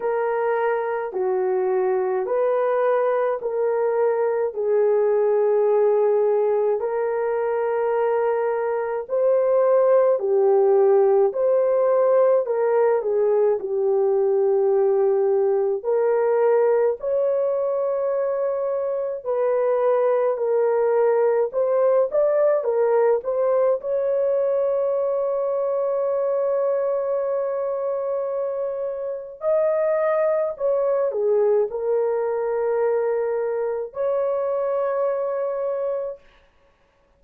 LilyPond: \new Staff \with { instrumentName = "horn" } { \time 4/4 \tempo 4 = 53 ais'4 fis'4 b'4 ais'4 | gis'2 ais'2 | c''4 g'4 c''4 ais'8 gis'8 | g'2 ais'4 cis''4~ |
cis''4 b'4 ais'4 c''8 d''8 | ais'8 c''8 cis''2.~ | cis''2 dis''4 cis''8 gis'8 | ais'2 cis''2 | }